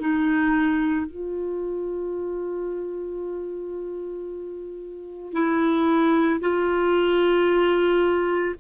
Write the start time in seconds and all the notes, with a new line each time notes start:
0.00 D#4
1.07 F4
5.33 E4
6.40 F4